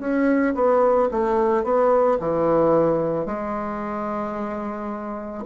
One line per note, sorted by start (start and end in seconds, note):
0.00 0.55 C#4
0.55 1.09 B3
1.12 1.64 A3
1.64 2.19 B3
2.20 3.26 E3
3.26 5.44 G#3